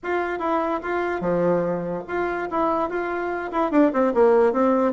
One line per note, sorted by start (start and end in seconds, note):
0.03 0.39 F4
0.39 0.80 E4
0.82 1.20 F4
1.20 2.02 F3
2.07 2.48 F4
2.50 2.89 E4
2.89 3.51 F4
3.51 3.71 E4
3.71 3.92 D4
3.92 4.13 C4
4.14 4.52 A#3
4.52 4.92 C4